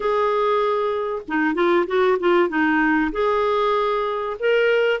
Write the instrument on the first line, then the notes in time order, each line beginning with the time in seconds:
clarinet
0.00 G#4
1.28 D#4
1.54 F4
1.86 F#4
2.19 F4
2.48 D#4
3.11 G#4
4.39 A#4